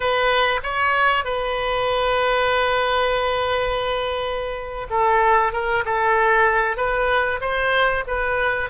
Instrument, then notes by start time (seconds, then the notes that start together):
oboe
0.00 B4
0.63 C#5
1.24 B4
4.90 A4
5.52 A#4
5.84 A4
6.77 B4
7.40 C5
8.07 B4